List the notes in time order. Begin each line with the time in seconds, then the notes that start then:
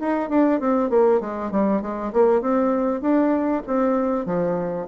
0.00 D#4
0.30 D4
0.60 C4
0.90 A#3
1.21 G#3
1.52 G3
1.82 G#3
2.13 A#3
2.42 C4
3.01 D4
3.67 C4
4.26 F3